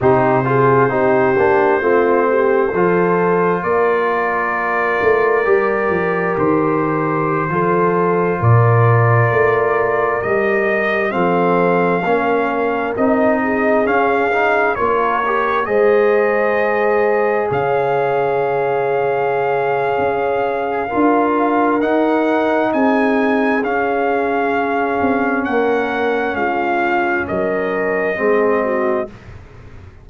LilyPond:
<<
  \new Staff \with { instrumentName = "trumpet" } { \time 4/4 \tempo 4 = 66 c''1 | d''2. c''4~ | c''4~ c''16 d''2 dis''8.~ | dis''16 f''2 dis''4 f''8.~ |
f''16 cis''4 dis''2 f''8.~ | f''1 | fis''4 gis''4 f''2 | fis''4 f''4 dis''2 | }
  \new Staff \with { instrumentName = "horn" } { \time 4/4 g'8 gis'8 g'4 f'8 g'8 a'4 | ais'1~ | ais'16 a'4 ais'2~ ais'8.~ | ais'16 a'4 ais'4. gis'4~ gis'16~ |
gis'16 ais'4 c''2 cis''8.~ | cis''2. ais'4~ | ais'4 gis'2. | ais'4 f'4 ais'4 gis'8 fis'8 | }
  \new Staff \with { instrumentName = "trombone" } { \time 4/4 dis'8 f'8 dis'8 d'8 c'4 f'4~ | f'2 g'2~ | g'16 f'2. g'8.~ | g'16 c'4 cis'4 dis'4 cis'8 dis'16~ |
dis'16 f'8 g'8 gis'2~ gis'8.~ | gis'2. f'4 | dis'2 cis'2~ | cis'2. c'4 | }
  \new Staff \with { instrumentName = "tuba" } { \time 4/4 c4 c'8 ais8 a4 f4 | ais4. a8 g8 f8 dis4~ | dis16 f4 ais,4 a4 g8.~ | g16 f4 ais4 c'4 cis'8.~ |
cis'16 ais4 gis2 cis8.~ | cis2 cis'4 d'4 | dis'4 c'4 cis'4. c'8 | ais4 gis4 fis4 gis4 | }
>>